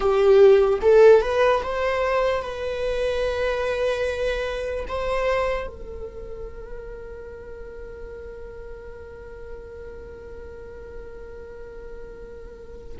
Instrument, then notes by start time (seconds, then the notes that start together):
viola
0.00 G4
0.81 A4
1.21 B4
1.62 C5
2.42 B4
4.88 C5
5.67 A#4